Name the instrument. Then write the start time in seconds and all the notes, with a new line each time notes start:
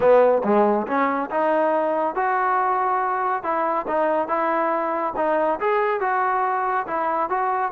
trombone
0.00 B3
0.43 G#3
0.87 C#4
1.30 D#4
2.15 F#4
3.43 E4
3.87 D#4
4.28 E4
5.16 D#4
5.60 G#4
6.00 F#4
6.86 E4
7.29 F#4